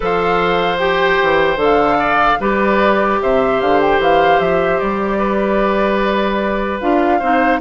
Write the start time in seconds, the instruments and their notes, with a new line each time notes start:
0.00 bassoon F3, clarinet A4, oboe C5, flute F5
0.79 clarinet G4, flute G5
1.22 bassoon E3
1.56 bassoon D3, clarinet A4
1.63 flute F5
1.98 oboe D5
2.40 bassoon G3, clarinet G4, oboe B4, flute D5
3.22 bassoon C3, oboe C5, flute E5
3.60 bassoon D3, flute F5
3.80 flute G5
3.99 bassoon E3, flute F5
4.39 bassoon F3, flute E5
4.79 bassoon G3, flute D5
5.18 oboe B4
6.80 bassoon D4, clarinet F4, flute F5
7.19 bassoon C4, clarinet D#4, oboe C5